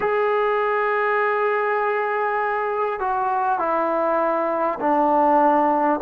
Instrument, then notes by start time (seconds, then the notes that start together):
trombone
0.00 G#4
2.99 F#4
3.58 E4
4.79 D4